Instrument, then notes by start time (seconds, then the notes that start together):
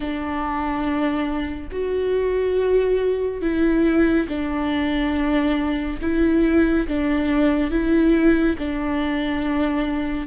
viola
0.00 D4
1.71 F#4
3.41 E4
4.28 D4
6.01 E4
6.87 D4
7.70 E4
8.58 D4